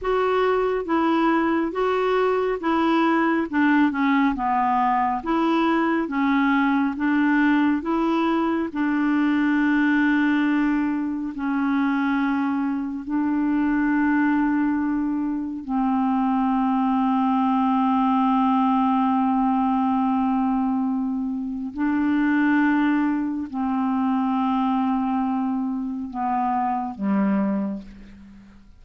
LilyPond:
\new Staff \with { instrumentName = "clarinet" } { \time 4/4 \tempo 4 = 69 fis'4 e'4 fis'4 e'4 | d'8 cis'8 b4 e'4 cis'4 | d'4 e'4 d'2~ | d'4 cis'2 d'4~ |
d'2 c'2~ | c'1~ | c'4 d'2 c'4~ | c'2 b4 g4 | }